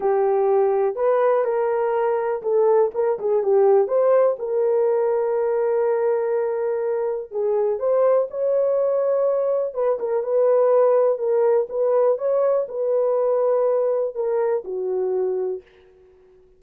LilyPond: \new Staff \with { instrumentName = "horn" } { \time 4/4 \tempo 4 = 123 g'2 b'4 ais'4~ | ais'4 a'4 ais'8 gis'8 g'4 | c''4 ais'2.~ | ais'2. gis'4 |
c''4 cis''2. | b'8 ais'8 b'2 ais'4 | b'4 cis''4 b'2~ | b'4 ais'4 fis'2 | }